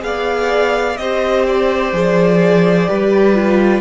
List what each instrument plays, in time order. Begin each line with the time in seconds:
0.00 cello B3, viola G#4, violin D5 F5
0.97 cello C4, viola G4, violin C5 D#5
1.46 violin D5
1.92 cello F3, viola G#4
2.87 cello G3, viola G4, violin B4
3.34 viola F4